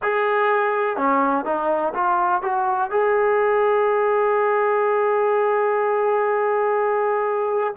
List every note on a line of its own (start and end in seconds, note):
0.02 0.97 G#4
0.97 1.44 C#4
1.44 1.93 D#4
1.94 2.41 F4
2.41 2.90 F#4
2.90 7.74 G#4